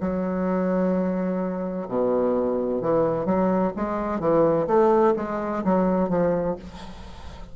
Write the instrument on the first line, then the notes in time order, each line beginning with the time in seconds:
bassoon
0.00 F#3
1.87 B2
2.81 E3
3.25 F#3
3.76 G#3
4.19 E3
4.67 A3
5.16 G#3
5.64 F#3
6.09 F3